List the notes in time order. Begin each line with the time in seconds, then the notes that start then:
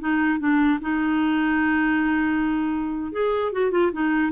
0.00 D#4
0.39 D4
0.81 D#4
3.12 G#4
3.52 F#4
3.71 F4
3.92 D#4